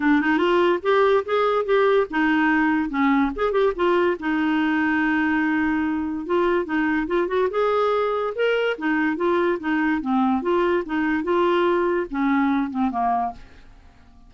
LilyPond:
\new Staff \with { instrumentName = "clarinet" } { \time 4/4 \tempo 4 = 144 d'8 dis'8 f'4 g'4 gis'4 | g'4 dis'2 cis'4 | gis'8 g'8 f'4 dis'2~ | dis'2. f'4 |
dis'4 f'8 fis'8 gis'2 | ais'4 dis'4 f'4 dis'4 | c'4 f'4 dis'4 f'4~ | f'4 cis'4. c'8 ais4 | }